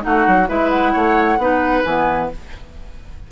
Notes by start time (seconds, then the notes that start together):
0.00 A3 D#4 F#4 F#5
0.27 F#3
0.47 G#3 E4 B4 E5
0.69 F#5
0.92 A3 C#5
1.37 B3 D#4 B4
1.83 E3 B3 G#5